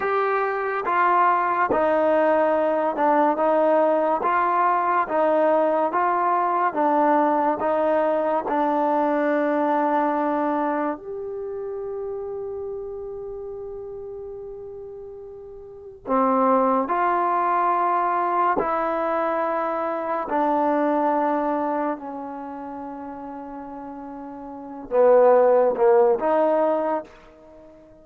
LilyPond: \new Staff \with { instrumentName = "trombone" } { \time 4/4 \tempo 4 = 71 g'4 f'4 dis'4. d'8 | dis'4 f'4 dis'4 f'4 | d'4 dis'4 d'2~ | d'4 g'2.~ |
g'2. c'4 | f'2 e'2 | d'2 cis'2~ | cis'4. b4 ais8 dis'4 | }